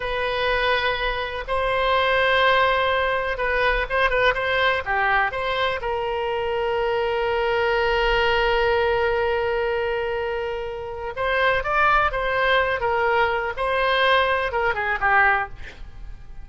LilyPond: \new Staff \with { instrumentName = "oboe" } { \time 4/4 \tempo 4 = 124 b'2. c''4~ | c''2. b'4 | c''8 b'8 c''4 g'4 c''4 | ais'1~ |
ais'1~ | ais'2. c''4 | d''4 c''4. ais'4. | c''2 ais'8 gis'8 g'4 | }